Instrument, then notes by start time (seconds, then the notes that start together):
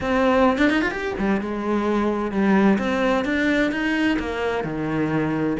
cello
0.00 C4
0.58 D4
0.69 D#4
0.81 F4
0.91 G4
1.18 G3
1.41 G#3
2.31 G3
2.78 C4
3.25 D4
3.71 D#4
4.19 A#3
4.64 D#3